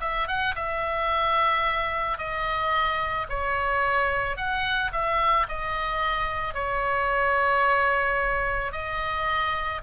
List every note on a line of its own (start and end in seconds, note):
0.00 0.27 E5
0.27 0.55 F#5
0.55 2.18 E5
2.18 3.27 D#5
3.29 4.36 C#5
4.36 4.91 F#5
4.92 5.46 E5
5.48 6.54 D#5
6.54 8.72 C#5
8.72 9.81 D#5